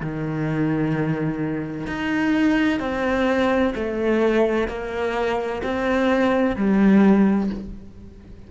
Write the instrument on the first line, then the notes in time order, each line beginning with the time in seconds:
cello
0.00 D#3
1.87 D#4
2.79 C4
3.74 A3
4.68 A#3
5.63 C4
6.56 G3